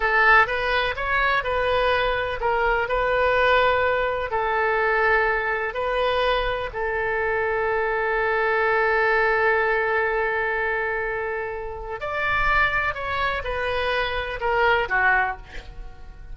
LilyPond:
\new Staff \with { instrumentName = "oboe" } { \time 4/4 \tempo 4 = 125 a'4 b'4 cis''4 b'4~ | b'4 ais'4 b'2~ | b'4 a'2. | b'2 a'2~ |
a'1~ | a'1~ | a'4 d''2 cis''4 | b'2 ais'4 fis'4 | }